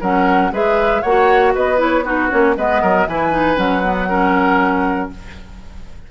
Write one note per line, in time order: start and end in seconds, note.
0.00 0.51 F#3
0.00 0.52 C#4
0.00 0.51 A#4
0.00 0.52 F#5
0.51 1.02 G#3
0.51 1.02 G#4
0.51 1.02 B4
0.51 1.02 E5
1.02 1.55 A#3
1.02 1.77 F#4
1.02 1.52 C#5
1.02 1.53 F#5
1.55 2.32 B3
1.55 2.05 B4
1.55 1.81 D#5
1.77 2.02 E4
1.77 2.04 C#5
2.04 2.30 D#4
2.04 2.56 F#4
2.04 2.29 B4
2.30 2.57 A#3
2.30 2.55 C#4
2.30 2.55 C#5
2.57 2.82 G#3
2.57 3.08 B3
2.57 2.82 B4
2.57 3.08 D#5
2.82 3.07 F#3
2.82 3.07 A#4
3.07 3.57 E3
3.07 3.31 E4
3.07 4.09 B4
3.07 3.57 G#5
3.31 3.56 D#4
3.56 5.10 F#3
3.56 3.82 C#4
3.56 5.10 F#5
3.84 4.09 B3
4.09 5.11 C#4
4.09 5.10 A#4